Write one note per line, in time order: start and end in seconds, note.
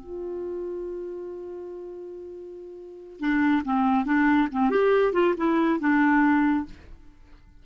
0.00 3.20 F4
3.20 3.63 D4
3.65 4.06 C4
4.06 4.49 D4
4.52 4.71 C4
4.71 5.14 G4
5.14 5.35 F4
5.37 5.80 E4
5.80 6.66 D4